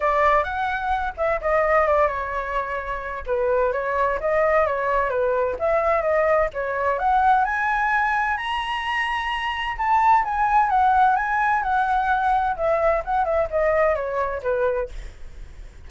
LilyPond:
\new Staff \with { instrumentName = "flute" } { \time 4/4 \tempo 4 = 129 d''4 fis''4. e''8 dis''4 | d''8 cis''2~ cis''8 b'4 | cis''4 dis''4 cis''4 b'4 | e''4 dis''4 cis''4 fis''4 |
gis''2 ais''2~ | ais''4 a''4 gis''4 fis''4 | gis''4 fis''2 e''4 | fis''8 e''8 dis''4 cis''4 b'4 | }